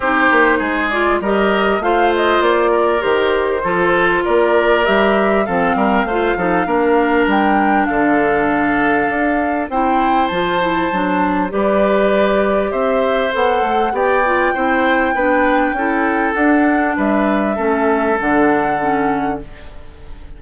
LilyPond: <<
  \new Staff \with { instrumentName = "flute" } { \time 4/4 \tempo 4 = 99 c''4. d''8 dis''4 f''8 dis''8 | d''4 c''2 d''4 | e''4 f''2. | g''4 f''2. |
g''4 a''2 d''4~ | d''4 e''4 fis''4 g''4~ | g''2. fis''4 | e''2 fis''2 | }
  \new Staff \with { instrumentName = "oboe" } { \time 4/4 g'4 gis'4 ais'4 c''4~ | c''8 ais'4. a'4 ais'4~ | ais'4 a'8 ais'8 c''8 a'8 ais'4~ | ais'4 a'2. |
c''2. b'4~ | b'4 c''2 d''4 | c''4 b'4 a'2 | b'4 a'2. | }
  \new Staff \with { instrumentName = "clarinet" } { \time 4/4 dis'4. f'8 g'4 f'4~ | f'4 g'4 f'2 | g'4 c'4 f'8 dis'8 d'4~ | d'1 |
e'4 f'8 e'8 d'4 g'4~ | g'2 a'4 g'8 f'8 | e'4 d'4 e'4 d'4~ | d'4 cis'4 d'4 cis'4 | }
  \new Staff \with { instrumentName = "bassoon" } { \time 4/4 c'8 ais8 gis4 g4 a4 | ais4 dis4 f4 ais4 | g4 f8 g8 a8 f8 ais4 | g4 d2 d'4 |
c'4 f4 fis4 g4~ | g4 c'4 b8 a8 b4 | c'4 b4 cis'4 d'4 | g4 a4 d2 | }
>>